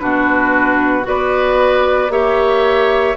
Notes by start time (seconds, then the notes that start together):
0.00 B2 D4 F#4 B4
1.03 B3 F#4 B4 D5
2.10 A#3 G4 C#5 E5